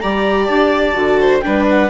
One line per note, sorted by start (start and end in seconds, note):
0.00 0.48 G3
0.00 0.94 G4
0.00 1.19 D5
0.00 0.45 A#5
0.45 0.95 D4
0.45 1.39 A5
0.94 1.42 D3
0.94 1.41 F#4
1.20 1.44 C5
1.40 1.89 D4
1.40 1.90 B4
1.40 1.63 G5
1.46 1.90 G3
1.70 1.90 F#5